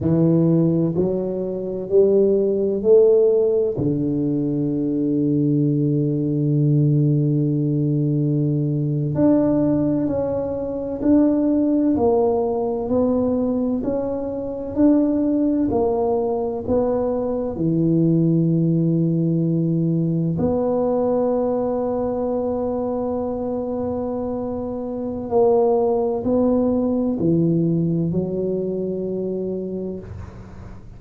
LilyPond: \new Staff \with { instrumentName = "tuba" } { \time 4/4 \tempo 4 = 64 e4 fis4 g4 a4 | d1~ | d4.~ d16 d'4 cis'4 d'16~ | d'8. ais4 b4 cis'4 d'16~ |
d'8. ais4 b4 e4~ e16~ | e4.~ e16 b2~ b16~ | b2. ais4 | b4 e4 fis2 | }